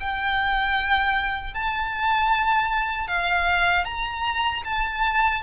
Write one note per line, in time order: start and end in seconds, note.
0.00 1.54 G5
1.54 3.08 A5
3.08 3.85 F5
3.85 4.63 A#5
4.64 5.42 A5